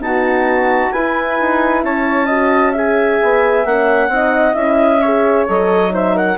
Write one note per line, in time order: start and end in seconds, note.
0.00 0.91 B3
0.00 0.92 D#4
0.00 0.93 F#4
0.00 0.92 A5
0.92 1.40 E4
0.92 2.30 E4
0.92 1.84 B4
0.92 1.83 G#5
1.41 1.84 D#4
1.84 3.20 C#4
1.84 2.26 C#5
1.84 2.75 A5
2.26 2.75 F#4
2.26 2.72 D#5
2.72 3.66 G#4
2.72 4.09 E5
2.72 3.66 G#5
3.23 3.66 B3
3.66 4.09 A#3
3.66 4.11 C#4
3.66 4.55 F#5
4.09 4.54 C4
4.09 4.54 D#4
4.09 5.02 D#5
4.54 5.47 C#4
4.54 4.99 E4
4.54 5.45 E5
5.02 5.48 G#4
5.02 5.93 C#5
5.48 6.38 F#3
5.48 5.90 A4
5.48 5.95 D#5
5.90 6.36 D#4
5.90 6.15 C5
5.90 6.18 E5
6.15 6.37 A#4
6.15 6.38 F#5